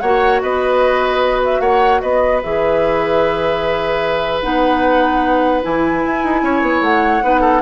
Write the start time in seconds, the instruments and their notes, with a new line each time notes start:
0.00 bassoon A#3, clarinet F#4, oboe C#5, flute F#5
0.41 bassoon B3, oboe B4, flute D#5
1.44 flute E5
1.60 bassoon A#3, oboe C#5, flute F#5
2.01 bassoon B3, oboe B4, flute D#5
2.43 bassoon E3, clarinet G#4, flute E5
4.41 bassoon B3, clarinet D#4, flute F#5
5.62 bassoon E3, clarinet E4, flute G#5
6.05 bassoon E4
6.23 bassoon D#4
6.42 bassoon C#4, oboe C#5
6.62 bassoon B3
6.81 bassoon A3, flute F#5
7.22 bassoon B3, clarinet D#4, oboe B4
7.41 oboe A4